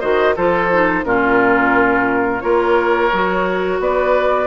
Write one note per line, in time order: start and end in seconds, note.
0.00 0.37 D#3
0.00 0.35 F#4
0.00 0.35 C5
0.00 0.34 D#5
0.36 1.04 F3
0.36 0.71 F4
0.36 1.05 A4
0.36 1.04 C5
0.72 1.04 D#4
1.04 2.42 A#2
1.04 2.41 C#4
1.04 2.43 F4
1.04 2.41 A#4
2.41 3.12 A#3
2.41 3.10 F4
2.41 3.81 A#4
2.41 3.79 C#5
3.13 3.80 F#3
3.13 4.47 F#4
3.80 4.47 B3
3.80 4.47 B4
3.80 4.47 D5